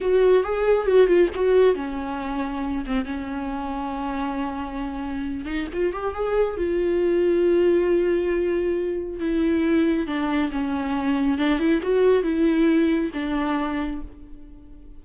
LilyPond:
\new Staff \with { instrumentName = "viola" } { \time 4/4 \tempo 4 = 137 fis'4 gis'4 fis'8 f'8 fis'4 | cis'2~ cis'8 c'8 cis'4~ | cis'1~ | cis'8 dis'8 f'8 g'8 gis'4 f'4~ |
f'1~ | f'4 e'2 d'4 | cis'2 d'8 e'8 fis'4 | e'2 d'2 | }